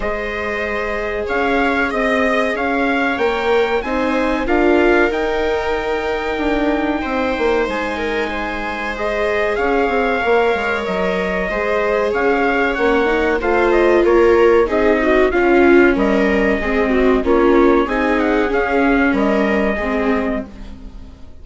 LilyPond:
<<
  \new Staff \with { instrumentName = "trumpet" } { \time 4/4 \tempo 4 = 94 dis''2 f''4 dis''4 | f''4 g''4 gis''4 f''4 | g''1 | gis''2 dis''4 f''4~ |
f''4 dis''2 f''4 | fis''4 f''8 dis''8 cis''4 dis''4 | f''4 dis''2 cis''4 | gis''8 fis''8 f''4 dis''2 | }
  \new Staff \with { instrumentName = "viola" } { \time 4/4 c''2 cis''4 dis''4 | cis''2 c''4 ais'4~ | ais'2. c''4~ | c''8 ais'8 c''2 cis''4~ |
cis''2 c''4 cis''4~ | cis''4 c''4 ais'4 gis'8 fis'8 | f'4 ais'4 gis'8 fis'8 f'4 | gis'2 ais'4 gis'4 | }
  \new Staff \with { instrumentName = "viola" } { \time 4/4 gis'1~ | gis'4 ais'4 dis'4 f'4 | dis'1~ | dis'2 gis'2 |
ais'2 gis'2 | cis'8 dis'8 f'2 dis'4 | cis'2 c'4 cis'4 | dis'4 cis'2 c'4 | }
  \new Staff \with { instrumentName = "bassoon" } { \time 4/4 gis2 cis'4 c'4 | cis'4 ais4 c'4 d'4 | dis'2 d'4 c'8 ais8 | gis2. cis'8 c'8 |
ais8 gis8 fis4 gis4 cis'4 | ais4 a4 ais4 c'4 | cis'4 g4 gis4 ais4 | c'4 cis'4 g4 gis4 | }
>>